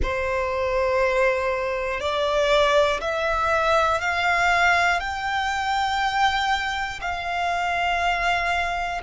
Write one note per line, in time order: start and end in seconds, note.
0.02 2.00 C5
2.00 3.00 D5
3.00 4.00 E5
4.00 5.00 F5
5.00 7.00 G5
7.00 9.00 F5